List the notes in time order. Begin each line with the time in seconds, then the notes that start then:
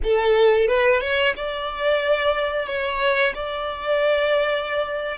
0.03 A4
0.68 B4
1.00 C#5
1.36 D5
2.67 C#5
3.34 D5